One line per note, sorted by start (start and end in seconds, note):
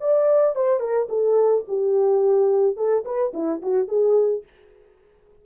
0.00 0.56 D5
0.56 0.80 C5
0.80 1.07 A#4
1.09 1.65 A4
1.68 2.77 G4
2.77 3.04 A4
3.05 3.33 B4
3.34 3.61 E4
3.62 3.88 F#4
3.88 4.43 G#4